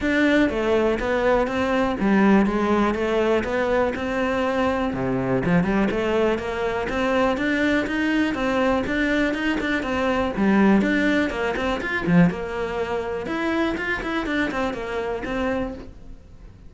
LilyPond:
\new Staff \with { instrumentName = "cello" } { \time 4/4 \tempo 4 = 122 d'4 a4 b4 c'4 | g4 gis4 a4 b4 | c'2 c4 f8 g8 | a4 ais4 c'4 d'4 |
dis'4 c'4 d'4 dis'8 d'8 | c'4 g4 d'4 ais8 c'8 | f'8 f8 ais2 e'4 | f'8 e'8 d'8 c'8 ais4 c'4 | }